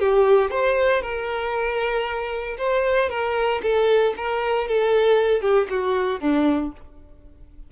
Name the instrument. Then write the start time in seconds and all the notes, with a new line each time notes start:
violin
0.00 G4
0.51 C5
1.02 A#4
2.58 C5
3.10 A#4
3.63 A4
4.17 A#4
4.68 A4
5.42 G4
5.70 F#4
6.21 D4